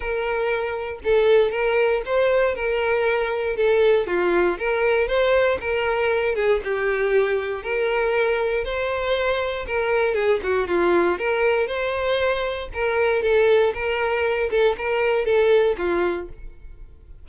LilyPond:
\new Staff \with { instrumentName = "violin" } { \time 4/4 \tempo 4 = 118 ais'2 a'4 ais'4 | c''4 ais'2 a'4 | f'4 ais'4 c''4 ais'4~ | ais'8 gis'8 g'2 ais'4~ |
ais'4 c''2 ais'4 | gis'8 fis'8 f'4 ais'4 c''4~ | c''4 ais'4 a'4 ais'4~ | ais'8 a'8 ais'4 a'4 f'4 | }